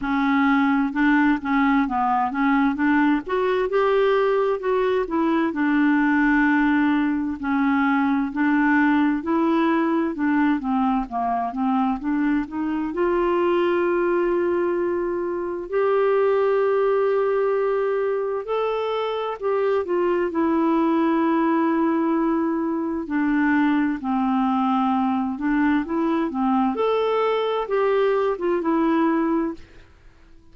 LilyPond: \new Staff \with { instrumentName = "clarinet" } { \time 4/4 \tempo 4 = 65 cis'4 d'8 cis'8 b8 cis'8 d'8 fis'8 | g'4 fis'8 e'8 d'2 | cis'4 d'4 e'4 d'8 c'8 | ais8 c'8 d'8 dis'8 f'2~ |
f'4 g'2. | a'4 g'8 f'8 e'2~ | e'4 d'4 c'4. d'8 | e'8 c'8 a'4 g'8. f'16 e'4 | }